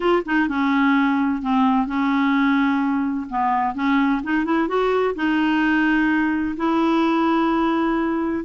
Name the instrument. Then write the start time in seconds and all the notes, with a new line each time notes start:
clarinet
0.00 F4
0.25 D#4
0.48 C#4
1.42 C4
1.86 C#4
3.29 B3
3.75 C#4
4.23 D#4
4.44 E4
4.67 F#4
5.15 D#4
6.56 E4